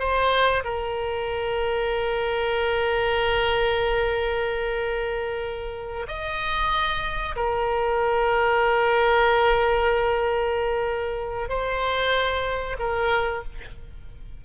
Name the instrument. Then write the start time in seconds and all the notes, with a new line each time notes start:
oboe
0.00 C5
0.65 A#4
6.08 D#5
7.36 A#4
11.50 C5
12.79 A#4